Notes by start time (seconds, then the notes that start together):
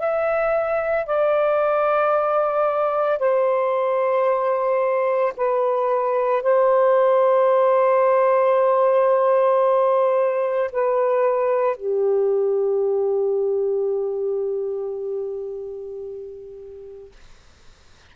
0.00 E5
1.06 D5
3.19 C5
5.37 B4
6.43 C5
10.72 B4
11.77 G4